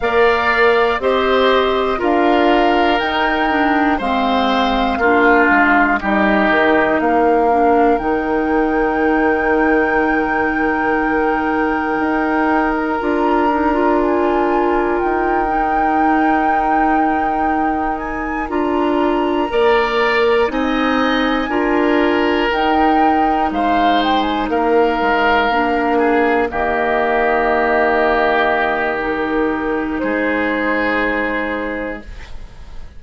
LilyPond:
<<
  \new Staff \with { instrumentName = "flute" } { \time 4/4 \tempo 4 = 60 f''4 dis''4 f''4 g''4 | f''2 dis''4 f''4 | g''1~ | g''8. ais''4~ ais''16 gis''4 g''4~ |
g''2 gis''8 ais''4.~ | ais''8 gis''2 g''4 f''8 | g''16 gis''16 f''2 dis''4.~ | dis''4 ais'4 c''2 | }
  \new Staff \with { instrumentName = "oboe" } { \time 4/4 d''4 c''4 ais'2 | c''4 f'4 g'4 ais'4~ | ais'1~ | ais'1~ |
ais'2.~ ais'8 d''8~ | d''8 dis''4 ais'2 c''8~ | c''8 ais'4. gis'8 g'4.~ | g'2 gis'2 | }
  \new Staff \with { instrumentName = "clarinet" } { \time 4/4 ais'4 g'4 f'4 dis'8 d'8 | c'4 d'4 dis'4. d'8 | dis'1~ | dis'4 f'8 dis'16 f'4.~ f'16 dis'8~ |
dis'2~ dis'8 f'4 ais'8~ | ais'8 dis'4 f'4 dis'4.~ | dis'4. d'4 ais4.~ | ais4 dis'2. | }
  \new Staff \with { instrumentName = "bassoon" } { \time 4/4 ais4 c'4 d'4 dis'4 | gis4 ais8 gis8 g8 dis8 ais4 | dis1 | dis'4 d'2 dis'4~ |
dis'2~ dis'8 d'4 ais8~ | ais8 c'4 d'4 dis'4 gis8~ | gis8 ais8 gis8 ais4 dis4.~ | dis2 gis2 | }
>>